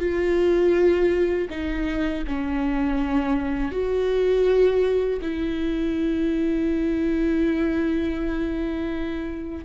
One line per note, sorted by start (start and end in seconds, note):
0.00 1.48 F4
1.50 2.24 D#4
2.28 3.72 C#4
3.72 5.20 F#4
5.22 9.65 E4